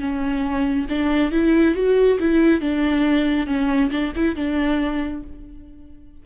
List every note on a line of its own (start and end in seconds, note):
0.00 0.87 C#4
0.89 1.32 D4
1.32 1.75 E4
1.75 2.19 F#4
2.19 2.61 E4
2.61 3.47 D4
3.47 3.90 C#4
3.91 4.13 D4
4.16 4.36 E4
4.36 5.23 D4